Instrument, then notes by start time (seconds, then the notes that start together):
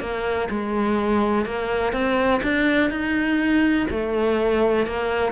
cello
0.00 A#3
0.49 G#3
1.45 A#3
1.92 C4
2.43 D4
2.90 D#4
3.90 A3
4.86 A#3